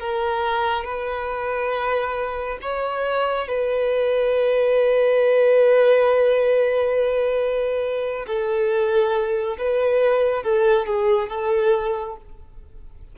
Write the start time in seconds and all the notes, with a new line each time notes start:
0.00 A#4
0.85 B4
2.62 C#5
3.48 B4
8.27 A4
9.58 B4
10.43 A4
10.87 G#4
11.29 A4